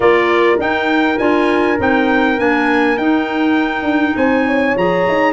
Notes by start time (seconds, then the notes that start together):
0.00 A#3 F4 A#4 D5
0.58 D#4 G5
1.18 D4 F4 G#5
1.78 C4 D#4 G5
2.37 A#3 D4 G#5
2.97 D#4 G5
3.82 D4
4.15 C4 C5 G#5
4.46 C#5
4.76 F3 G#4 A#5
5.07 D#4